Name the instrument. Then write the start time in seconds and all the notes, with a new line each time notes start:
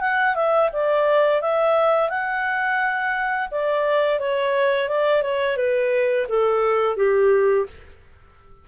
clarinet
0.00 F#5
0.35 E5
0.72 D5
1.41 E5
2.09 F#5
3.51 D5
4.19 C#5
4.88 D5
5.22 C#5
5.57 B4
6.29 A4
6.96 G4